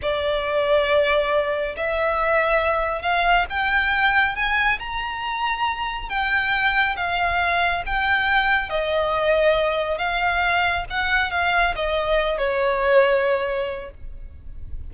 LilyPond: \new Staff \with { instrumentName = "violin" } { \time 4/4 \tempo 4 = 138 d''1 | e''2. f''4 | g''2 gis''4 ais''4~ | ais''2 g''2 |
f''2 g''2 | dis''2. f''4~ | f''4 fis''4 f''4 dis''4~ | dis''8 cis''2.~ cis''8 | }